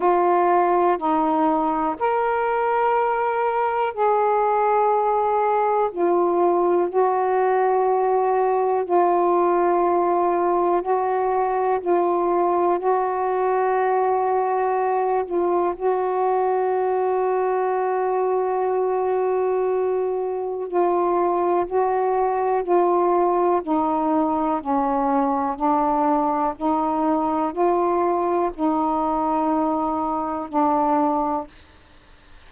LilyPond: \new Staff \with { instrumentName = "saxophone" } { \time 4/4 \tempo 4 = 61 f'4 dis'4 ais'2 | gis'2 f'4 fis'4~ | fis'4 f'2 fis'4 | f'4 fis'2~ fis'8 f'8 |
fis'1~ | fis'4 f'4 fis'4 f'4 | dis'4 cis'4 d'4 dis'4 | f'4 dis'2 d'4 | }